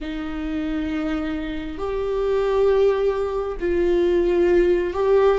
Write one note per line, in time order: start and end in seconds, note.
0.00 1.77 D#4
1.77 3.57 G4
3.59 4.93 F4
4.93 5.38 G4